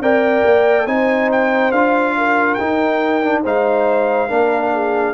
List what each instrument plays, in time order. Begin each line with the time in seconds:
0.00 tuba C4, trombone A#4, horn D5, trumpet G5
0.45 tuba A#3
0.86 tuba C4, trombone D#4, horn C5, trumpet G#5
1.32 trumpet G5
1.72 tuba D4, trombone F4, trumpet F5
2.18 horn A#4
2.55 trombone D#4, tuba D#4, trumpet G5
3.23 trombone D4
3.43 tuba G#3, trombone D#4, horn C5, trumpet F5
4.29 tuba A#3, trombone D4, horn A#4
4.74 horn G#4